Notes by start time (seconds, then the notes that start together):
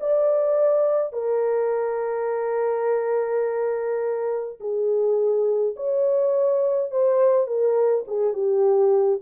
0.00 D5
1.12 A#4
4.60 G#4
5.76 C#5
6.91 C5
7.47 A#4
8.07 G#4
8.33 G4